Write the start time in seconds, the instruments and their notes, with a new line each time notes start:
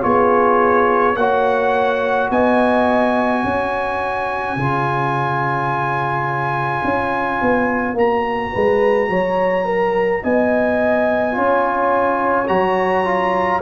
0.00 tuba B3, trombone F4, horn G#4, trumpet C#5
1.15 tuba A#3, trombone F#4, horn C#5, trumpet F#5
2.30 tuba B3, horn D#5, trumpet G#5
3.43 tuba C#4, horn C#5
4.56 tuba C#3, trombone F4
6.84 tuba C#4
7.41 tuba B3
7.93 tuba A#3, trombone F#4, trumpet A#5
8.52 tuba G#3, horn B4
9.08 tuba F#3, horn C#5
9.65 horn A#4
10.23 tuba B3, horn D#5, trumpet G#5
11.31 trombone F4, horn C#5
11.37 tuba C#4
12.47 tuba F#3, trombone F#4, trumpet A#5
13.04 trombone F4